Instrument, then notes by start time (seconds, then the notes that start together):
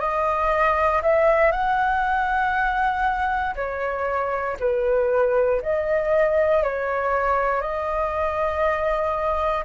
flute
0.00 D#5
1.03 E5
1.52 F#5
3.55 C#5
4.60 B4
5.62 D#5
6.64 C#5
7.61 D#5